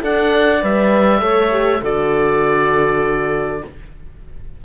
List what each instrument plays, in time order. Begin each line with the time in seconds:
0.00 cello D4, horn A4, clarinet D5, oboe F#5
0.62 cello G3, horn B4, oboe E5
1.20 cello A3, horn A4, clarinet C#5
1.50 horn G4
1.81 cello D3, horn F#4, clarinet A4, oboe D5